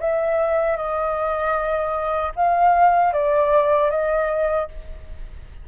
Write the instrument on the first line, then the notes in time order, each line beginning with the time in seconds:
flute
0.00 E5
0.77 D#5
2.36 F5
3.13 D5
3.90 D#5